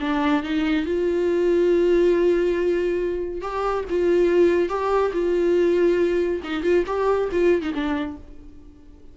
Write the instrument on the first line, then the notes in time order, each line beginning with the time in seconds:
viola
0.00 D4
0.43 D#4
0.85 F4
3.41 G4
3.89 F4
4.69 G4
5.13 F4
6.44 D#4
6.63 F4
6.86 G4
7.31 F4
7.62 D#4
7.74 D4